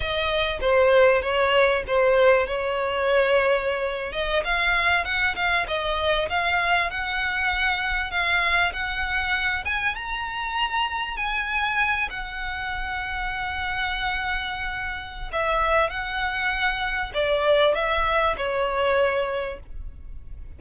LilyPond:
\new Staff \with { instrumentName = "violin" } { \time 4/4 \tempo 4 = 98 dis''4 c''4 cis''4 c''4 | cis''2~ cis''8. dis''8 f''8.~ | f''16 fis''8 f''8 dis''4 f''4 fis''8.~ | fis''4~ fis''16 f''4 fis''4. gis''16~ |
gis''16 ais''2 gis''4. fis''16~ | fis''1~ | fis''4 e''4 fis''2 | d''4 e''4 cis''2 | }